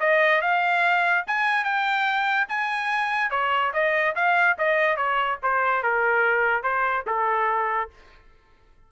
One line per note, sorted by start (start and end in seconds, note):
0.00 0.42 D#5
0.42 1.25 F5
1.27 1.64 G#5
1.64 2.48 G5
2.49 3.31 G#5
3.31 3.73 C#5
3.74 4.15 D#5
4.16 4.57 F5
4.59 4.97 D#5
4.97 5.39 C#5
5.43 5.83 C5
5.83 6.63 A#4
6.63 7.05 C5
7.07 7.90 A4